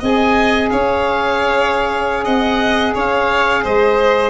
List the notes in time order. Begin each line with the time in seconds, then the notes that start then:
0.00 C4 G#4 D#5 G#5
0.70 C#4 C#5 F5
2.24 C4 D#5 F#5
2.94 C#4 C#5 F5
3.63 G#3 C5 D#5